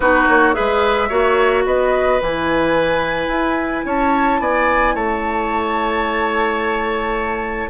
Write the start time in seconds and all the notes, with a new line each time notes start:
0.00 B3 D#4 F#4 B4
0.27 A#3 C#5
0.53 G#3 G#4 B4 E5
1.08 A#3 F#4 C#5
1.65 B3 B4 D#5
2.19 E3 E4 G#5
3.28 E4
3.85 C#4 C#5 A5
4.39 B3 D5 G#5
4.94 A3 C#5 A5